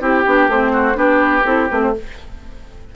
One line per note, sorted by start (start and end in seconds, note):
0.00 0.24 C4
0.00 0.24 E4
0.00 0.72 G4
0.00 0.50 G4
0.26 0.48 B3
0.26 0.50 D4
0.48 0.95 A3
0.48 0.94 C4
0.48 0.97 C5
0.73 0.97 F#4
0.94 1.43 B3
0.94 1.42 D4
0.94 1.93 G4
0.94 1.45 B4
1.45 1.69 C4
1.45 1.69 E4
1.45 1.69 A4
1.69 1.95 A3
1.69 1.93 C4
1.69 1.81 B4
1.82 1.94 C5